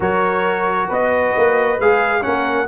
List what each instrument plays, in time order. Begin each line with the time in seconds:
0.00 tuba F#3, trombone F#4, horn A#4, trumpet C#5
0.88 tuba B3, horn B4, trumpet D#5
1.36 tuba A#3
1.79 tuba G#3, trombone G#4, trumpet F5
2.21 tuba A#3, trombone C#4, horn A#4, trumpet F#5